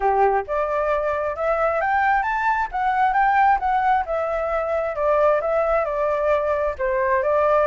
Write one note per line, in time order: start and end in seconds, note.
0.00 0.43 G4
0.47 1.36 D5
1.36 1.80 E5
1.80 2.22 G5
2.22 2.68 A5
2.71 3.13 F#5
3.13 3.58 G5
3.59 4.04 F#5
4.05 4.95 E5
4.95 5.41 D5
5.41 5.84 E5
5.84 6.74 D5
6.78 7.23 C5
7.23 7.67 D5